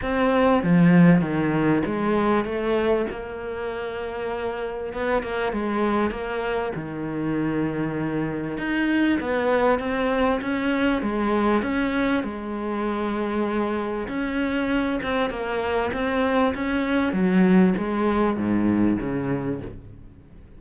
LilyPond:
\new Staff \with { instrumentName = "cello" } { \time 4/4 \tempo 4 = 98 c'4 f4 dis4 gis4 | a4 ais2. | b8 ais8 gis4 ais4 dis4~ | dis2 dis'4 b4 |
c'4 cis'4 gis4 cis'4 | gis2. cis'4~ | cis'8 c'8 ais4 c'4 cis'4 | fis4 gis4 gis,4 cis4 | }